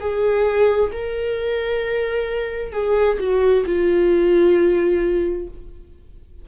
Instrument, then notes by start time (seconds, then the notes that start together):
viola
0.00 G#4
0.92 A#4
2.72 G#4
3.19 F#4
3.66 F4